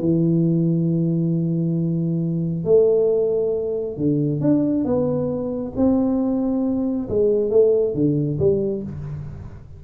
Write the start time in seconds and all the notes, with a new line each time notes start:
0.00 E3
2.65 A3
3.97 D3
4.41 D4
4.85 B3
5.76 C4
7.09 G#3
7.50 A3
7.95 D3
8.39 G3